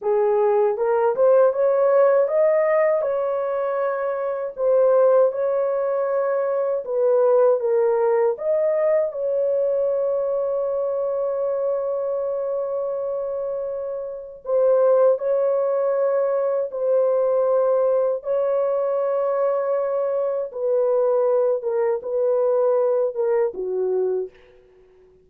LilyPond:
\new Staff \with { instrumentName = "horn" } { \time 4/4 \tempo 4 = 79 gis'4 ais'8 c''8 cis''4 dis''4 | cis''2 c''4 cis''4~ | cis''4 b'4 ais'4 dis''4 | cis''1~ |
cis''2. c''4 | cis''2 c''2 | cis''2. b'4~ | b'8 ais'8 b'4. ais'8 fis'4 | }